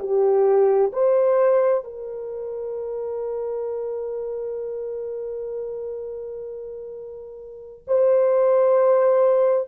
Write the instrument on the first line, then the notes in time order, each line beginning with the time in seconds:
horn
0.00 G4
0.93 C5
1.85 A#4
7.88 C5